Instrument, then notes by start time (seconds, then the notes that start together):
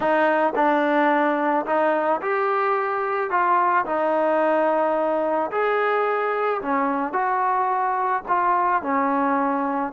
trombone
0.00 D#4
0.55 D4
1.65 D#4
2.21 G4
3.30 F4
3.85 D#4
5.51 G#4
6.61 C#4
7.12 F#4
8.28 F4
8.82 C#4